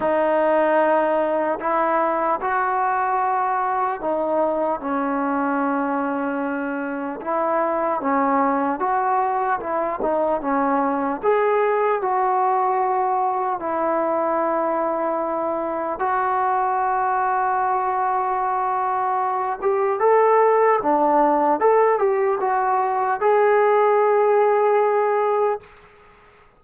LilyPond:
\new Staff \with { instrumentName = "trombone" } { \time 4/4 \tempo 4 = 75 dis'2 e'4 fis'4~ | fis'4 dis'4 cis'2~ | cis'4 e'4 cis'4 fis'4 | e'8 dis'8 cis'4 gis'4 fis'4~ |
fis'4 e'2. | fis'1~ | fis'8 g'8 a'4 d'4 a'8 g'8 | fis'4 gis'2. | }